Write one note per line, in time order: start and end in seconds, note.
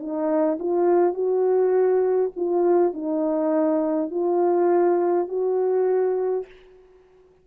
0.00 0.59 D#4
0.60 1.14 F4
1.14 2.32 F#4
2.36 2.94 F4
2.94 4.11 D#4
4.11 5.29 F4
5.29 6.47 F#4